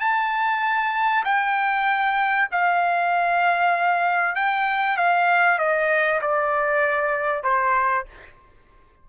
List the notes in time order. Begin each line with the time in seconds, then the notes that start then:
0.00 A5
1.25 G5
2.51 F5
4.36 G5
4.97 F5
5.59 D#5
6.21 D5
7.43 C5